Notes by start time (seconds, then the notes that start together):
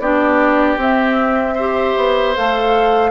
0.00 B3 D4 G4 D5
0.78 C4 E5
1.55 G4 C5
1.97 B3
2.36 A3 A4 F5